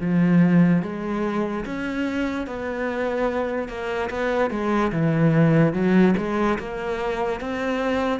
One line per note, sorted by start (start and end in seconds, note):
0.00 0.82 F3
0.82 1.64 G#3
1.65 2.47 C#4
2.47 3.68 B3
3.68 4.09 A#3
4.10 4.50 B3
4.50 4.91 G#3
4.92 5.73 E3
5.73 6.14 F#3
6.17 6.58 G#3
6.58 7.40 A#3
7.40 8.20 C4